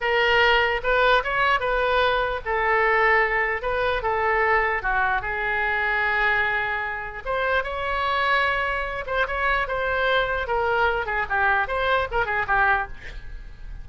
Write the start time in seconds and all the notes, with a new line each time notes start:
0.00 A#4
0.83 B4
1.23 C#5
1.60 B4
2.45 A4
3.62 B4
4.02 A4
4.82 F#4
5.21 G#4
7.25 C5
7.63 C#5
9.06 C5
9.27 C#5
9.67 C5
10.47 A#4
11.06 G#4
11.29 G4
11.67 C5
12.11 A#4
12.25 G#4
12.47 G4